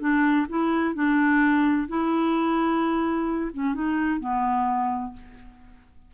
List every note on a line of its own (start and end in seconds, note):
0.00 0.47 D4
0.49 0.95 E4
0.95 1.88 D4
1.88 3.51 E4
3.53 3.74 C#4
3.74 4.20 D#4
4.20 5.13 B3